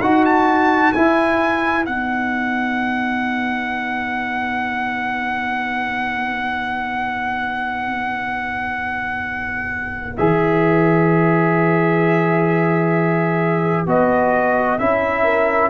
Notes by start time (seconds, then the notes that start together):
0.00 D#4 F#4 F#5
0.25 A5
0.92 E4 B4 G#5
1.83 B3 D#4 F#5
10.17 E3 G#4 E5
13.86 B3 F#4 D#5
14.78 C#4 E4 E5
15.23 A#4